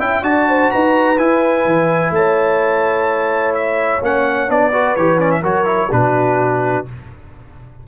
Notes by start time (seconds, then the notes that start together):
0.00 C#4 E4 E5 G5
0.23 D4 F#4 D5 A5
0.49 C5
0.72 D#4 B4 A#5
1.19 E4 G#5
1.66 E3
2.11 A3 C#5 A5
3.55 E5
4.02 A#3 C#4 F#5
4.49 B3 D4 D5
4.72 F#4 B4
4.96 E3 G4 C#5
5.19 C#4 D5
5.31 E5
5.42 F#3 F#4 A#4 C#5
5.65 E4
5.92 B2 D4 F#4 B4